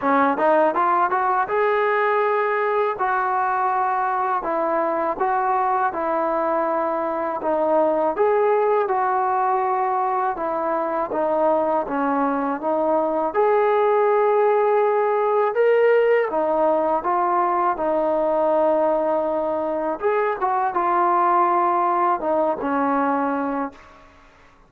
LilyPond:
\new Staff \with { instrumentName = "trombone" } { \time 4/4 \tempo 4 = 81 cis'8 dis'8 f'8 fis'8 gis'2 | fis'2 e'4 fis'4 | e'2 dis'4 gis'4 | fis'2 e'4 dis'4 |
cis'4 dis'4 gis'2~ | gis'4 ais'4 dis'4 f'4 | dis'2. gis'8 fis'8 | f'2 dis'8 cis'4. | }